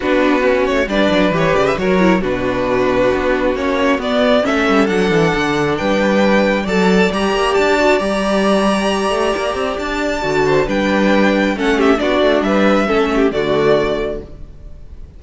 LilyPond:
<<
  \new Staff \with { instrumentName = "violin" } { \time 4/4 \tempo 4 = 135 b'4. cis''8 d''4 cis''8 d''16 e''16 | cis''4 b'2. | cis''4 d''4 e''4 fis''4~ | fis''4 g''2 a''4 |
ais''4 a''4 ais''2~ | ais''2 a''2 | g''2 fis''8 e''8 d''4 | e''2 d''2 | }
  \new Staff \with { instrumentName = "violin" } { \time 4/4 fis'2 b'2 | ais'4 fis'2.~ | fis'2 a'2~ | a'4 b'2 d''4~ |
d''1~ | d''2.~ d''8 c''8 | b'2 a'8 g'8 fis'4 | b'4 a'8 g'8 fis'2 | }
  \new Staff \with { instrumentName = "viola" } { \time 4/4 d'4 cis'4 d'4 g'4 | fis'8 e'8 d'2. | cis'4 b4 cis'4 d'4~ | d'2. a'4 |
g'4. fis'8 g'2~ | g'2. fis'4 | d'2 cis'4 d'4~ | d'4 cis'4 a2 | }
  \new Staff \with { instrumentName = "cello" } { \time 4/4 b4. a8 g8 fis8 e8 cis8 | fis4 b,2 b4 | ais4 b4 a8 g8 fis8 e8 | d4 g2 fis4 |
g8 ais8 d'4 g2~ | g8 a8 ais8 c'8 d'4 d4 | g2 a4 b8 a8 | g4 a4 d2 | }
>>